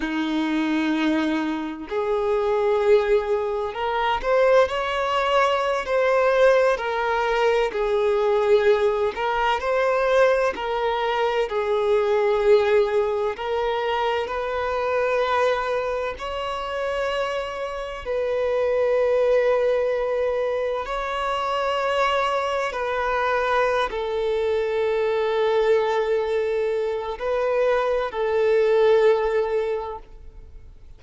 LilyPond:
\new Staff \with { instrumentName = "violin" } { \time 4/4 \tempo 4 = 64 dis'2 gis'2 | ais'8 c''8 cis''4~ cis''16 c''4 ais'8.~ | ais'16 gis'4. ais'8 c''4 ais'8.~ | ais'16 gis'2 ais'4 b'8.~ |
b'4~ b'16 cis''2 b'8.~ | b'2~ b'16 cis''4.~ cis''16~ | cis''16 b'4~ b'16 a'2~ a'8~ | a'4 b'4 a'2 | }